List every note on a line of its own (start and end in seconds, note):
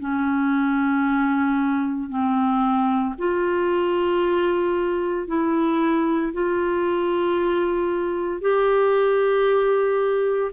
0.00 2.10 C#4
2.10 3.15 C4
3.19 5.28 F4
5.28 6.33 E4
6.33 8.42 F4
8.42 10.52 G4